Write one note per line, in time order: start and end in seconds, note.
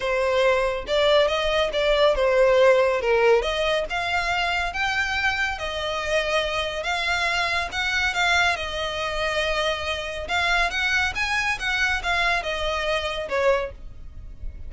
0.00 0.85 C5
0.87 1.27 D5
1.27 1.70 D#5
1.72 2.15 D5
2.15 3.01 C5
3.01 3.42 A#4
3.42 3.85 D#5
3.89 4.73 F5
4.73 5.58 G5
5.58 6.83 D#5
6.83 7.69 F5
7.71 8.14 F#5
8.14 8.56 F5
8.56 10.27 D#5
10.28 10.70 F5
10.70 11.13 F#5
11.15 11.58 G#5
11.59 12.02 F#5
12.02 12.42 F5
12.42 13.28 D#5
13.28 13.71 C#5